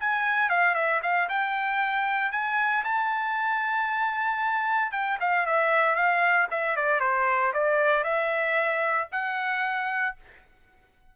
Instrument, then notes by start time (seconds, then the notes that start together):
trumpet
0.00 G#5
0.50 F5
0.75 E5
1.03 F5
1.29 G5
2.32 G#5
2.85 A5
4.92 G5
5.21 F5
5.47 E5
5.96 F5
6.51 E5
6.77 D5
7.01 C5
7.53 D5
8.04 E5
9.12 F#5